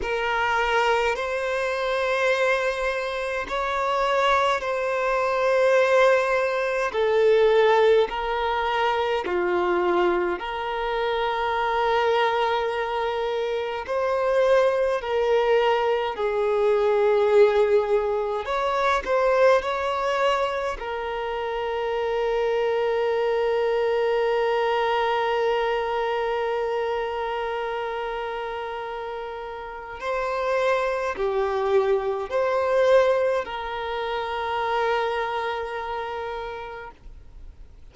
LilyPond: \new Staff \with { instrumentName = "violin" } { \time 4/4 \tempo 4 = 52 ais'4 c''2 cis''4 | c''2 a'4 ais'4 | f'4 ais'2. | c''4 ais'4 gis'2 |
cis''8 c''8 cis''4 ais'2~ | ais'1~ | ais'2 c''4 g'4 | c''4 ais'2. | }